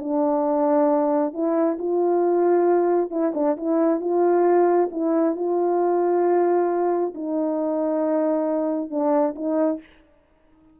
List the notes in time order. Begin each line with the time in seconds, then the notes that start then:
0.00 D4
1.34 E4
1.79 F4
3.11 E4
3.35 D4
3.57 E4
4.01 F4
4.92 E4
5.36 F4
7.15 D#4
8.90 D4
9.36 D#4